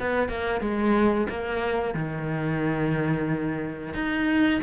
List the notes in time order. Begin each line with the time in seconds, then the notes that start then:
0.00 B3
0.29 A#3
0.61 G#3
1.30 A#3
1.95 D#3
3.94 D#4